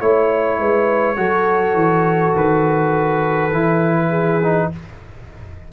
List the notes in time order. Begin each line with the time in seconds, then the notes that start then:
0.00 A3 E4 C#5
0.59 G#3 B4
1.17 F#3 F#4 A4
1.75 E3
2.36 D#3 B4
3.52 E3 E4
4.10 G#4
4.43 D#4